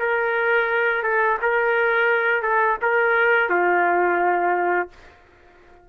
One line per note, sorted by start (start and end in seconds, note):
0.00 1.03 A#4
1.03 1.38 A4
1.42 2.43 A#4
2.43 2.77 A4
2.82 3.50 A#4
3.50 4.90 F4